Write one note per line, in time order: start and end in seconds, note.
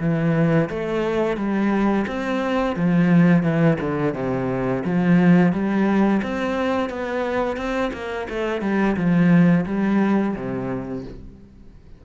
0.00 0.69 E3
0.70 1.36 A3
1.36 2.05 G3
2.07 2.76 C4
2.76 3.43 F3
3.43 3.77 E3
3.81 4.14 D3
4.14 4.83 C3
4.85 5.52 F3
5.52 6.21 G3
6.22 6.89 C4
6.89 7.57 B3
7.57 7.91 C4
7.93 8.28 A#3
8.29 8.61 A3
8.61 8.96 G3
8.96 9.65 F3
9.66 10.35 G3
10.35 11.04 C3